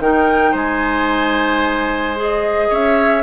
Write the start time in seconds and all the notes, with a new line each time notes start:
0.00 D#3 D#4 A#4 G5
0.52 G#3 C5 G#5
2.17 G#4 D#5
2.70 C#4 C#5 E5